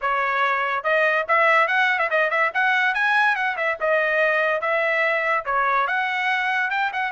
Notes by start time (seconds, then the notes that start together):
0.01 C#5
0.83 D#5
1.28 E5
1.67 F#5
1.98 E5
2.10 D#5
2.30 E5
2.53 F#5
2.94 G#5
3.35 F#5
3.56 E5
3.80 D#5
4.61 E5
5.45 C#5
5.87 F#5
6.70 G5
6.92 F#5